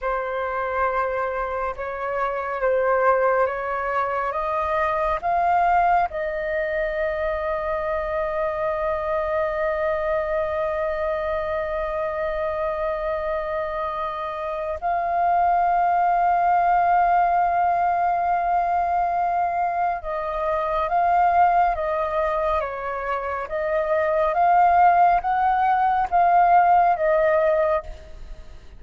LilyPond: \new Staff \with { instrumentName = "flute" } { \time 4/4 \tempo 4 = 69 c''2 cis''4 c''4 | cis''4 dis''4 f''4 dis''4~ | dis''1~ | dis''1~ |
dis''4 f''2.~ | f''2. dis''4 | f''4 dis''4 cis''4 dis''4 | f''4 fis''4 f''4 dis''4 | }